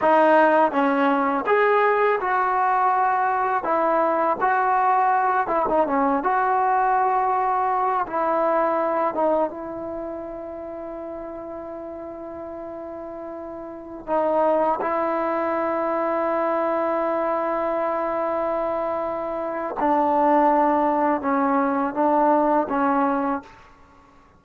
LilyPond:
\new Staff \with { instrumentName = "trombone" } { \time 4/4 \tempo 4 = 82 dis'4 cis'4 gis'4 fis'4~ | fis'4 e'4 fis'4. e'16 dis'16 | cis'8 fis'2~ fis'8 e'4~ | e'8 dis'8 e'2.~ |
e'2.~ e'16 dis'8.~ | dis'16 e'2.~ e'8.~ | e'2. d'4~ | d'4 cis'4 d'4 cis'4 | }